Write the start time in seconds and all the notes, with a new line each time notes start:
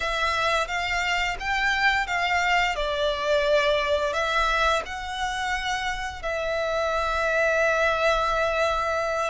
0.00 E5
0.67 F5
1.39 G5
2.07 F5
2.75 D5
4.13 E5
4.85 F#5
6.22 E5